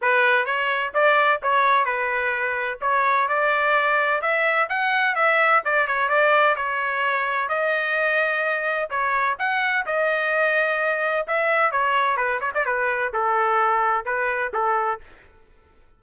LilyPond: \new Staff \with { instrumentName = "trumpet" } { \time 4/4 \tempo 4 = 128 b'4 cis''4 d''4 cis''4 | b'2 cis''4 d''4~ | d''4 e''4 fis''4 e''4 | d''8 cis''8 d''4 cis''2 |
dis''2. cis''4 | fis''4 dis''2. | e''4 cis''4 b'8 cis''16 d''16 b'4 | a'2 b'4 a'4 | }